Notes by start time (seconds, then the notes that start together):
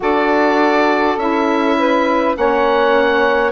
0.00 D4 F#4 A4 D5
1.16 C#4 E4 E5
1.78 B4
2.34 A#3 C#4 C#5 F#5